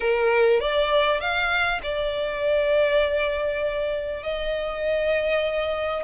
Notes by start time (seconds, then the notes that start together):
0.00 A#4
0.60 D5
1.20 F5
1.82 D5
4.23 D#5